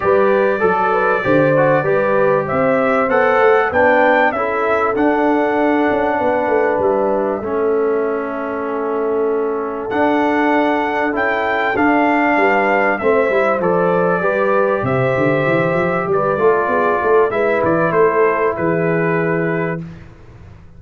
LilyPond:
<<
  \new Staff \with { instrumentName = "trumpet" } { \time 4/4 \tempo 4 = 97 d''1 | e''4 fis''4 g''4 e''4 | fis''2. e''4~ | e''1 |
fis''2 g''4 f''4~ | f''4 e''4 d''2 | e''2 d''2 | e''8 d''8 c''4 b'2 | }
  \new Staff \with { instrumentName = "horn" } { \time 4/4 b'4 a'8 b'8 c''4 b'4 | c''2 b'4 a'4~ | a'2 b'2 | a'1~ |
a'1 | b'4 c''2 b'4 | c''2 b'8 a'8 gis'8 a'8 | b'4 a'4 gis'2 | }
  \new Staff \with { instrumentName = "trombone" } { \time 4/4 g'4 a'4 g'8 fis'8 g'4~ | g'4 a'4 d'4 e'4 | d'1 | cis'1 |
d'2 e'4 d'4~ | d'4 c'8 e'8 a'4 g'4~ | g'2~ g'8 f'4. | e'1 | }
  \new Staff \with { instrumentName = "tuba" } { \time 4/4 g4 fis4 d4 g4 | c'4 b8 a8 b4 cis'4 | d'4. cis'8 b8 a8 g4 | a1 |
d'2 cis'4 d'4 | g4 a8 g8 f4 g4 | c8 d8 e8 f8 g8 a8 b8 a8 | gis8 e8 a4 e2 | }
>>